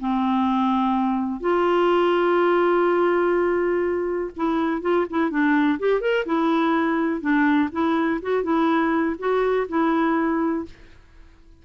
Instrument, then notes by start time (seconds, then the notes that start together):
clarinet
0.00 C4
1.40 F4
4.36 E4
4.81 F4
5.10 E4
5.30 D4
5.79 G4
6.00 A#4
6.26 E4
7.21 D4
7.72 E4
8.22 F#4
8.43 E4
9.19 F#4
9.68 E4